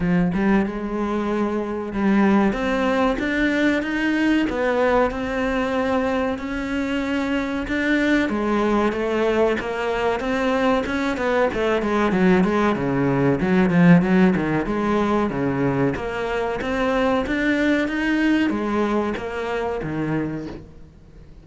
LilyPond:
\new Staff \with { instrumentName = "cello" } { \time 4/4 \tempo 4 = 94 f8 g8 gis2 g4 | c'4 d'4 dis'4 b4 | c'2 cis'2 | d'4 gis4 a4 ais4 |
c'4 cis'8 b8 a8 gis8 fis8 gis8 | cis4 fis8 f8 fis8 dis8 gis4 | cis4 ais4 c'4 d'4 | dis'4 gis4 ais4 dis4 | }